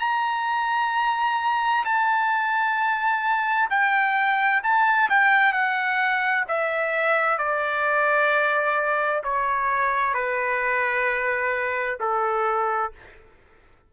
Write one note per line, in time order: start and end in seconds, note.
0.00 1.85 A#5
1.85 3.69 A5
3.70 4.62 G5
4.63 5.09 A5
5.10 5.53 G5
5.53 6.45 F#5
6.48 7.38 E5
7.38 9.23 D5
9.24 10.14 C#5
10.14 11.99 B4
12.00 12.92 A4